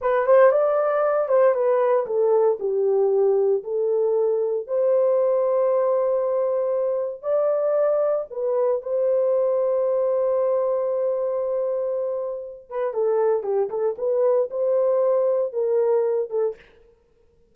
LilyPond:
\new Staff \with { instrumentName = "horn" } { \time 4/4 \tempo 4 = 116 b'8 c''8 d''4. c''8 b'4 | a'4 g'2 a'4~ | a'4 c''2.~ | c''2 d''2 |
b'4 c''2.~ | c''1~ | c''8 b'8 a'4 g'8 a'8 b'4 | c''2 ais'4. a'8 | }